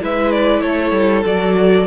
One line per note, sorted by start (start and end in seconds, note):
0.00 0.62 G#3
0.00 1.25 E4
0.00 0.62 B4
0.00 0.31 E5
0.31 0.61 D5
0.61 0.91 A3
0.61 1.86 A4
0.61 1.24 C#5
0.91 1.23 G3
1.26 1.86 F#3
1.26 1.86 F#4
1.26 1.86 D5